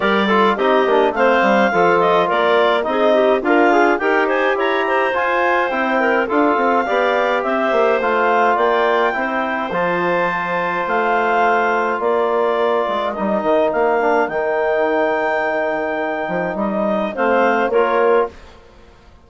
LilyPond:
<<
  \new Staff \with { instrumentName = "clarinet" } { \time 4/4 \tempo 4 = 105 d''4 dis''4 f''4. dis''8 | d''4 dis''4 f''4 g''8 gis''8 | ais''4 gis''4 g''4 f''4~ | f''4 e''4 f''4 g''4~ |
g''4 a''2 f''4~ | f''4 d''2 dis''4 | f''4 g''2.~ | g''4 dis''4 f''4 cis''4 | }
  \new Staff \with { instrumentName = "clarinet" } { \time 4/4 ais'8 a'8 g'4 c''4 a'4 | ais'4 gis'8 g'8 f'4 ais'8 c''8 | cis''8 c''2 ais'8 a'4 | d''4 c''2 d''4 |
c''1~ | c''4 ais'2.~ | ais'1~ | ais'2 c''4 ais'4 | }
  \new Staff \with { instrumentName = "trombone" } { \time 4/4 g'8 f'8 dis'8 d'8 c'4 f'4~ | f'4 dis'4 ais'8 gis'8 g'4~ | g'4 f'4 e'4 f'4 | g'2 f'2 |
e'4 f'2.~ | f'2. dis'4~ | dis'8 d'8 dis'2.~ | dis'2 c'4 f'4 | }
  \new Staff \with { instrumentName = "bassoon" } { \time 4/4 g4 c'8 ais8 a8 g8 f4 | ais4 c'4 d'4 dis'4 | e'4 f'4 c'4 d'8 c'8 | b4 c'8 ais8 a4 ais4 |
c'4 f2 a4~ | a4 ais4. gis8 g8 dis8 | ais4 dis2.~ | dis8 f8 g4 a4 ais4 | }
>>